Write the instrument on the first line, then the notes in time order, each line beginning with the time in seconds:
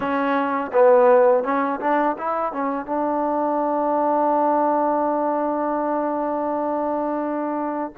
trombone
0.00 C#4
0.72 B3
1.43 C#4
1.80 D4
2.18 E4
2.52 C#4
2.86 D4